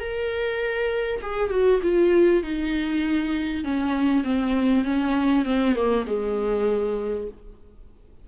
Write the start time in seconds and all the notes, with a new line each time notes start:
0.00 A#4
1.22 G#4
1.50 F#4
1.83 F4
2.43 D#4
3.64 C#4
4.24 C4
4.85 C#4
5.45 C4
5.75 A#3
6.07 G#3